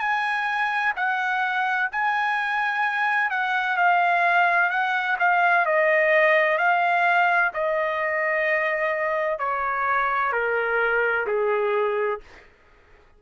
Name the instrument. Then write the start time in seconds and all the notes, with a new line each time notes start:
trumpet
0.00 G#5
0.96 F#5
1.92 G#5
3.31 F#5
3.77 F5
4.70 F#5
5.19 F5
5.66 D#5
6.58 F5
7.54 D#5
9.39 C#5
10.33 A#4
11.27 G#4